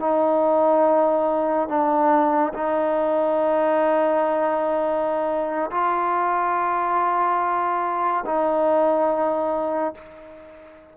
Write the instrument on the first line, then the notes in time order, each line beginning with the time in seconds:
trombone
0.00 D#4
1.69 D4
2.54 D#4
5.71 F4
8.26 D#4